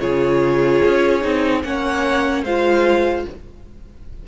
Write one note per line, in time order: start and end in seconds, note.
0.00 0.82 C#3
0.00 1.22 F4
0.00 1.63 G#4
0.00 1.62 C#5
0.85 1.24 C#4
1.22 1.65 C4
1.22 1.62 D#4
1.63 2.44 A#3
1.63 2.45 C#4
1.63 2.44 C#5
1.63 2.44 F#5
2.44 3.25 G#3
2.44 3.28 F4
2.44 3.25 C5
2.44 3.26 F5